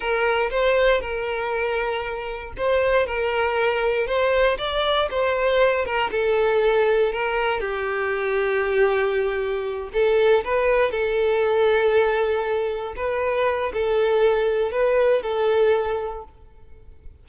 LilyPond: \new Staff \with { instrumentName = "violin" } { \time 4/4 \tempo 4 = 118 ais'4 c''4 ais'2~ | ais'4 c''4 ais'2 | c''4 d''4 c''4. ais'8 | a'2 ais'4 g'4~ |
g'2.~ g'8 a'8~ | a'8 b'4 a'2~ a'8~ | a'4. b'4. a'4~ | a'4 b'4 a'2 | }